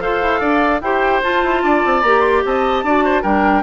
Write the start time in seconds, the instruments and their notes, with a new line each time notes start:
0.00 bassoon F4, clarinet A4, oboe C5, flute F5
0.22 bassoon E4
0.40 bassoon D4, oboe D5
0.81 bassoon E4, clarinet G4, oboe C5, flute G5
1.23 clarinet F4, bassoon F4, flute A5
1.43 bassoon E4
1.63 bassoon D4, oboe D5
1.86 bassoon C4
2.02 bassoon A#3, clarinet G4, flute A#5
2.21 flute C6
2.45 bassoon C4, oboe D#5, flute A5
2.83 bassoon D4, clarinet F#4, oboe D5
3.05 oboe C5
3.22 bassoon G3, clarinet D4, oboe A#4, flute G5